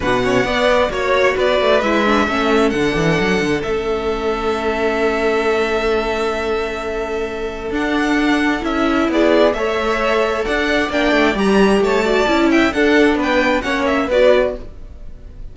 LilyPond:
<<
  \new Staff \with { instrumentName = "violin" } { \time 4/4 \tempo 4 = 132 fis''2 cis''4 d''4 | e''2 fis''2 | e''1~ | e''1~ |
e''4 fis''2 e''4 | d''4 e''2 fis''4 | g''4 ais''4 a''4. g''8 | fis''4 g''4 fis''8 e''8 d''4 | }
  \new Staff \with { instrumentName = "violin" } { \time 4/4 b'8 cis''8 d''4 cis''4 b'4~ | b'4 a'2.~ | a'1~ | a'1~ |
a'1 | gis'4 cis''2 d''4~ | d''2 cis''8 d''4 e''8 | a'4 b'4 cis''4 b'4 | }
  \new Staff \with { instrumentName = "viola" } { \time 4/4 d'8 cis'8 b4 fis'2 | e'8 d'8 cis'4 d'2 | cis'1~ | cis'1~ |
cis'4 d'2 e'4~ | e'4 a'2. | d'4 g'4. fis'8 e'4 | d'2 cis'4 fis'4 | }
  \new Staff \with { instrumentName = "cello" } { \time 4/4 b,4 b4 ais4 b8 a8 | gis4 a4 d8 e8 fis8 d8 | a1~ | a1~ |
a4 d'2 cis'4 | b4 a2 d'4 | ais8 a8 g4 a4 cis'4 | d'4 b4 ais4 b4 | }
>>